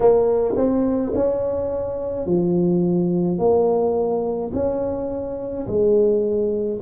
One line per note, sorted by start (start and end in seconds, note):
0.00 0.55 A#3
0.56 1.13 C4
1.14 2.26 C#4
2.26 3.38 F3
3.38 4.51 A#3
4.53 5.66 C#4
5.67 6.80 G#3